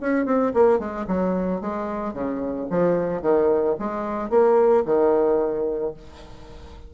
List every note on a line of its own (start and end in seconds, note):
0.00 0.25 C#4
0.25 0.52 C4
0.54 0.79 A#3
0.79 1.06 G#3
1.07 1.60 F#3
1.60 2.13 G#3
2.13 2.67 C#3
2.70 3.22 F3
3.22 3.76 D#3
3.79 4.29 G#3
4.29 4.84 A#3
4.85 5.93 D#3